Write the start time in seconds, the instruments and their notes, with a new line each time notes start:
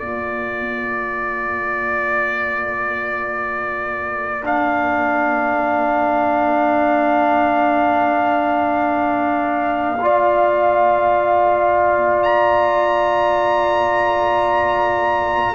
0.00 tuba A#3, trombone F4, horn A#4, trumpet D5
4.43 trombone D4, trumpet F5
10.01 trombone F4, horn D5
12.23 trumpet A#5